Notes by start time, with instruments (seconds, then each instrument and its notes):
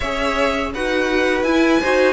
0.00 cello C#4, viola G#4, violin C#5 E5
0.73 cello D#4, viola F#4, violin B4 F#5
1.42 cello E4, viola E4, violin G#5
1.81 cello D#4, viola F#4, violin C5